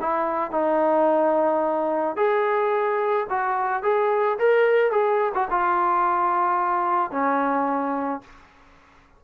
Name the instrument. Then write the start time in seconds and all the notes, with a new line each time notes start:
trombone
0.00 E4
0.51 D#4
2.16 G#4
3.29 F#4
3.83 G#4
4.38 A#4
4.91 G#4
5.34 F#4
5.50 F4
7.11 C#4